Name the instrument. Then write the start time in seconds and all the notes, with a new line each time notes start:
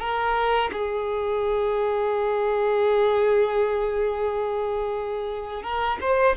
violin
0.00 A#4
0.72 G#4
5.63 A#4
6.01 C5